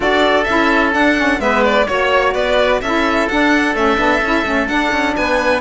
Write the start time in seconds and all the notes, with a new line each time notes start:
0.00 D4 F#4 A4 D5
0.43 C#4 E4 E5
0.91 D4 F#5
1.17 C#4
1.39 G#3 B3 B4 E5
1.64 D5
1.86 A#3 F#4 C#5
2.33 B3 B4 D5
2.81 C#4 E4 A4 E5
3.28 D4 F#5
3.74 A3 C#4 E5
3.97 B3 D4
4.21 C#4 E4
4.44 A3 C#4
4.67 D4 F#5
4.92 C#4
5.16 B3 B4 G#5